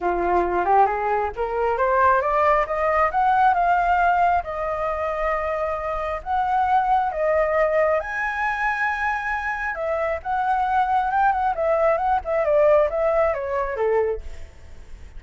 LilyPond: \new Staff \with { instrumentName = "flute" } { \time 4/4 \tempo 4 = 135 f'4. g'8 gis'4 ais'4 | c''4 d''4 dis''4 fis''4 | f''2 dis''2~ | dis''2 fis''2 |
dis''2 gis''2~ | gis''2 e''4 fis''4~ | fis''4 g''8 fis''8 e''4 fis''8 e''8 | d''4 e''4 cis''4 a'4 | }